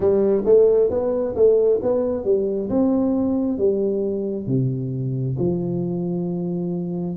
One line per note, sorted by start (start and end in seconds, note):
0.00 0.43 G3
0.45 0.90 A3
0.90 1.34 B3
1.35 1.80 A3
1.82 2.24 B3
2.24 2.69 G3
2.69 3.57 C4
3.57 4.46 G3
4.46 5.36 C3
5.39 7.16 F3